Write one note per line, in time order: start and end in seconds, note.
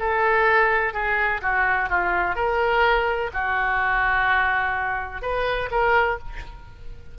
0.00 0.94 A4
0.94 1.42 G#4
1.42 1.90 F#4
1.90 2.36 F4
2.36 3.31 A#4
3.34 5.22 F#4
5.22 5.70 B4
5.72 6.19 A#4